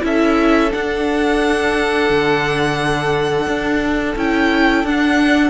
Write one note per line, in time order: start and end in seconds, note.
0.00 0.72 C#4
0.00 0.69 E4
0.00 5.50 A4
0.00 0.72 E5
0.70 4.15 D4
0.70 2.10 D4
0.70 4.17 F#5
2.10 3.46 D3
3.46 4.15 D4
4.16 4.83 C#4
4.16 4.85 E4
4.16 4.86 G5
4.83 5.50 D4
4.83 5.50 F#5